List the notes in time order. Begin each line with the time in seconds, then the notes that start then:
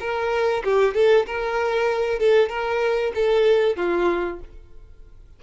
0.00 A#4
0.64 G4
0.94 A4
1.26 A#4
2.19 A4
2.49 A#4
3.14 A4
3.76 F4